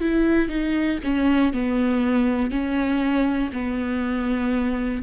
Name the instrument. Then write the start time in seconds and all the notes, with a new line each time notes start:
viola
0.00 E4
0.49 D#4
1.03 C#4
1.53 B3
2.51 C#4
3.52 B3